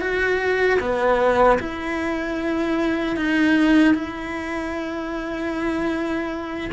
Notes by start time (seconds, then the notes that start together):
0.00 F#4
0.80 B3
1.59 E4
3.16 D#4
3.94 E4